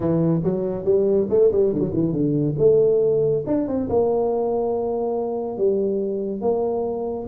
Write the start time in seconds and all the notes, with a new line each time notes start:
0.00 E3
0.43 F#3
0.85 G3
1.29 A3
1.51 G3
1.72 D3
1.80 F#3
1.93 E3
2.12 D3
2.58 A3
3.46 D4
3.67 C4
3.89 A#3
5.57 G3
6.41 A#3